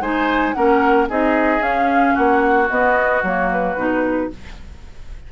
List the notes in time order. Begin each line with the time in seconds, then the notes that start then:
0.00 G#3 D#4 C5 G#5
0.53 A#3 C#4 A#4 F#5
1.08 C4 D#4 G#4 D#5
1.59 C#4 F5
2.14 A#3 F#4 F#5
2.69 B3 D#5
3.23 F#3 A#3 C#5
3.52 B4
3.76 B2 D#4